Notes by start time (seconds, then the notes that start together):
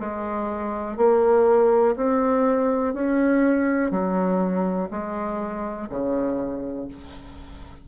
0.00 G#3
0.97 A#3
1.96 C4
2.94 C#4
3.91 F#3
4.90 G#3
5.90 C#3